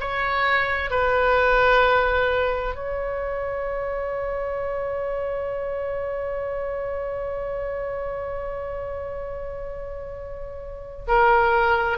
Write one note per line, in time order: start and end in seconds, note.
0.00 0.91 C#5
0.91 2.75 B4
2.75 11.06 C#5
11.07 11.98 A#4